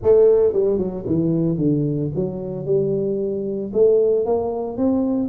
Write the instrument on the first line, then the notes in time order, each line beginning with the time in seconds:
tuba
0.02 A3
0.53 G3
0.78 F#3
1.06 E3
1.57 D3
2.15 F#3
2.65 G3
3.73 A3
4.25 A#3
4.77 C4